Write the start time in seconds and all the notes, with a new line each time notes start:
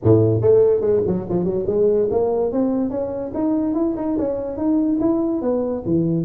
0.03 A2
0.41 A3
0.80 G#3
1.06 F#3
1.29 F3
1.44 F#3
1.67 G#3
2.10 A#3
2.52 C4
2.90 C#4
3.34 D#4
3.74 E4
3.96 D#4
4.18 C#4
4.57 D#4
5.00 E4
5.41 B3
5.85 E3